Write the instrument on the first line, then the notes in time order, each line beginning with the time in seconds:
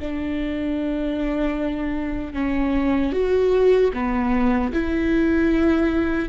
viola
0.00 D4
2.34 C#4
3.13 F#4
3.94 B3
4.73 E4